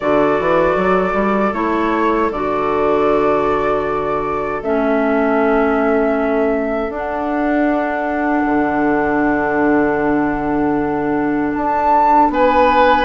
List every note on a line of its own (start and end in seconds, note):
0.00 0.39 D3
0.00 1.53 F#4
0.00 12.31 A4
0.00 1.53 D5
0.39 0.75 E3
0.75 1.13 F#3
1.13 1.51 G3
1.53 2.29 A3
1.53 2.30 E4
1.53 2.30 C#5
2.30 4.61 D3
2.30 4.62 F#4
2.30 4.62 D5
4.61 6.89 A3
4.61 6.89 C#4
4.61 6.91 E5
6.89 8.42 D4
6.89 13.05 D4
6.89 11.53 F#5
8.45 11.53 D3
11.53 12.29 D4
11.53 12.30 A5
12.29 13.05 B3
12.29 13.05 B4
12.29 13.05 G#5